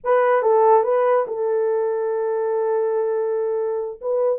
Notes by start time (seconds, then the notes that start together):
0.04 B4
0.42 A4
0.83 B4
1.27 A4
4.01 B4